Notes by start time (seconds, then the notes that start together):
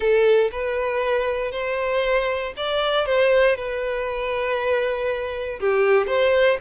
0.00 A4
0.51 B4
1.51 C5
2.57 D5
3.05 C5
3.56 B4
5.59 G4
6.06 C5